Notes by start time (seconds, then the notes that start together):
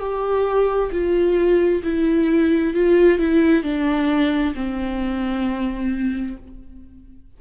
0.00 G4
0.92 F4
1.84 E4
2.74 F4
3.19 E4
3.64 D4
4.55 C4